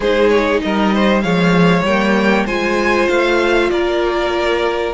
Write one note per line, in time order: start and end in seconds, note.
0.00 0.61 G#3
0.00 1.22 D#4
0.00 0.60 G#4
0.00 0.29 C5
0.29 0.60 C#5
0.62 1.23 G3
0.62 0.94 A#4
0.62 1.21 D#5
0.94 1.23 C5
1.21 1.82 F3
1.21 1.84 G#3
1.21 2.46 C#5
1.21 1.82 F5
1.82 2.44 G3
1.82 2.47 A#3
1.82 2.47 G5
2.46 3.08 G#3
2.46 4.94 F4
2.46 3.69 C5
2.46 3.08 G#5
3.08 3.70 A3
3.08 3.70 F5
3.70 4.94 A#3
3.70 4.94 A#4
3.70 4.93 D5